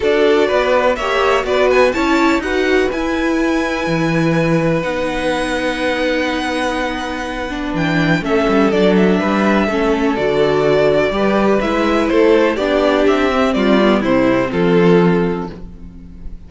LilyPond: <<
  \new Staff \with { instrumentName = "violin" } { \time 4/4 \tempo 4 = 124 d''2 e''4 d''8 gis''8 | a''4 fis''4 gis''2~ | gis''2 fis''2~ | fis''1 |
g''4 e''4 d''8 e''4.~ | e''4 d''2. | e''4 c''4 d''4 e''4 | d''4 c''4 a'2 | }
  \new Staff \with { instrumentName = "violin" } { \time 4/4 a'4 b'4 cis''4 b'4 | cis''4 b'2.~ | b'1~ | b'1~ |
b'4 a'2 b'4 | a'2. b'4~ | b'4 a'4 g'2 | f'4 e'4 f'2 | }
  \new Staff \with { instrumentName = "viola" } { \time 4/4 fis'2 g'4 fis'4 | e'4 fis'4 e'2~ | e'2 dis'2~ | dis'2.~ dis'8 d'8~ |
d'4 cis'4 d'2 | cis'4 fis'2 g'4 | e'2 d'4. c'8~ | c'8 b8 c'2. | }
  \new Staff \with { instrumentName = "cello" } { \time 4/4 d'4 b4 ais4 b4 | cis'4 dis'4 e'2 | e2 b2~ | b1 |
e4 a8 g8 fis4 g4 | a4 d2 g4 | gis4 a4 b4 c'4 | g4 c4 f2 | }
>>